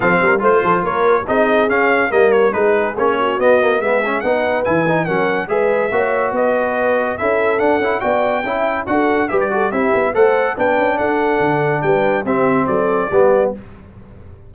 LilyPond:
<<
  \new Staff \with { instrumentName = "trumpet" } { \time 4/4 \tempo 4 = 142 f''4 c''4 cis''4 dis''4 | f''4 dis''8 cis''8 b'4 cis''4 | dis''4 e''4 fis''4 gis''4 | fis''4 e''2 dis''4~ |
dis''4 e''4 fis''4 g''4~ | g''4 fis''4 e''16 d''8. e''4 | fis''4 g''4 fis''2 | g''4 e''4 d''2 | }
  \new Staff \with { instrumentName = "horn" } { \time 4/4 a'8 ais'8 c''8 a'8 ais'4 gis'4~ | gis'4 ais'4 gis'4. fis'8~ | fis'4 gis'4 b'2 | ais'4 b'4 cis''4 b'4~ |
b'4 a'2 d''4 | e''4 a'4 b'8 a'8 g'4 | c''4 b'4 a'2 | b'4 g'4 a'4 g'4 | }
  \new Staff \with { instrumentName = "trombone" } { \time 4/4 c'4 f'2 dis'4 | cis'4 ais4 dis'4 cis'4 | b8 ais8 b8 cis'8 dis'4 e'8 dis'8 | cis'4 gis'4 fis'2~ |
fis'4 e'4 d'8 e'8 fis'4 | e'4 fis'4 g'8 fis'8 e'4 | a'4 d'2.~ | d'4 c'2 b4 | }
  \new Staff \with { instrumentName = "tuba" } { \time 4/4 f8 g8 a8 f8 ais4 c'4 | cis'4 g4 gis4 ais4 | b4 gis4 b4 e4 | fis4 gis4 ais4 b4~ |
b4 cis'4 d'8 cis'8 b4 | cis'4 d'4 g4 c'8 b8 | a4 b8 cis'8 d'4 d4 | g4 c'4 fis4 g4 | }
>>